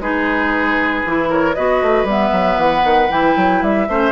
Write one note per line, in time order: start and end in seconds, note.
0.00 1.03 G#3
0.00 1.06 D#4
0.00 1.30 G#4
0.00 1.31 B4
1.06 1.57 E3
1.06 1.57 E4
1.30 1.56 A#4
1.30 1.55 C#5
1.55 1.82 B3
1.55 2.08 F#4
1.55 3.89 B4
1.55 2.07 D#5
1.82 2.05 A3
2.05 2.31 G3
2.05 3.10 B3
2.05 2.60 E5
2.33 2.58 F#3
2.58 2.83 E3
2.58 3.12 F#5
2.84 3.10 D#3
3.10 3.37 E3
3.10 3.88 E4
3.10 3.63 G5
3.37 3.62 F#3
3.62 3.88 G3
3.62 4.13 E5
3.89 4.13 A3
3.89 4.13 C#4
3.89 4.13 C5